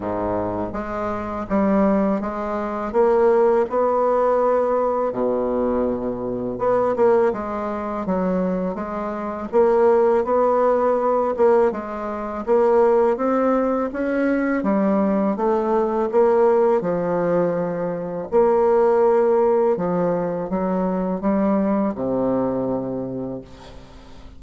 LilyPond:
\new Staff \with { instrumentName = "bassoon" } { \time 4/4 \tempo 4 = 82 gis,4 gis4 g4 gis4 | ais4 b2 b,4~ | b,4 b8 ais8 gis4 fis4 | gis4 ais4 b4. ais8 |
gis4 ais4 c'4 cis'4 | g4 a4 ais4 f4~ | f4 ais2 f4 | fis4 g4 c2 | }